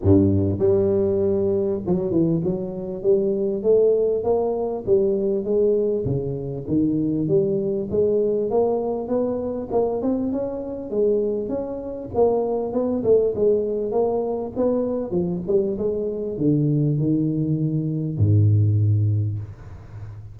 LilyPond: \new Staff \with { instrumentName = "tuba" } { \time 4/4 \tempo 4 = 99 g,4 g2 fis8 e8 | fis4 g4 a4 ais4 | g4 gis4 cis4 dis4 | g4 gis4 ais4 b4 |
ais8 c'8 cis'4 gis4 cis'4 | ais4 b8 a8 gis4 ais4 | b4 f8 g8 gis4 d4 | dis2 gis,2 | }